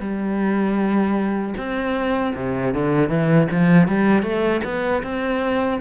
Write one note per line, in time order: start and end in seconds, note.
0.00 1.54 G3
1.57 2.34 C4
2.35 2.74 C3
2.74 3.09 D3
3.09 3.47 E3
3.51 3.88 F3
3.88 4.23 G3
4.23 4.61 A3
4.64 5.03 B3
5.03 5.80 C4